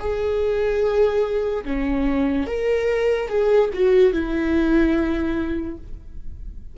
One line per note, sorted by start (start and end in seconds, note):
0.00 1.64 G#4
1.65 2.47 C#4
2.47 3.29 A#4
3.29 3.70 G#4
3.74 4.13 F#4
4.13 5.78 E4